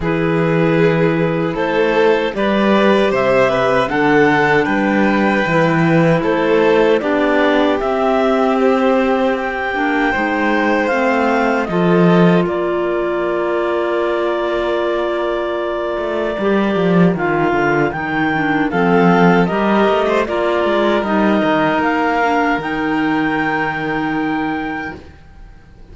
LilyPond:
<<
  \new Staff \with { instrumentName = "clarinet" } { \time 4/4 \tempo 4 = 77 b'2 c''4 d''4 | e''4 fis''4 g''2 | c''4 d''4 e''4 c''4 | g''2 f''4 dis''4 |
d''1~ | d''2 f''4 g''4 | f''4 dis''4 d''4 dis''4 | f''4 g''2. | }
  \new Staff \with { instrumentName = "violin" } { \time 4/4 gis'2 a'4 b'4 | c''8 b'8 a'4 b'2 | a'4 g'2.~ | g'4 c''2 a'4 |
ais'1~ | ais'1 | a'4 ais'8. c''16 ais'2~ | ais'1 | }
  \new Staff \with { instrumentName = "clarinet" } { \time 4/4 e'2. g'4~ | g'4 d'2 e'4~ | e'4 d'4 c'2~ | c'8 d'8 dis'4 c'4 f'4~ |
f'1~ | f'4 g'4 f'4 dis'8 d'8 | c'4 g'4 f'4 dis'4~ | dis'8 d'8 dis'2. | }
  \new Staff \with { instrumentName = "cello" } { \time 4/4 e2 a4 g4 | c4 d4 g4 e4 | a4 b4 c'2~ | c'8 ais8 gis4 a4 f4 |
ais1~ | ais8 a8 g8 f8 dis8 d8 dis4 | f4 g8 a8 ais8 gis8 g8 dis8 | ais4 dis2. | }
>>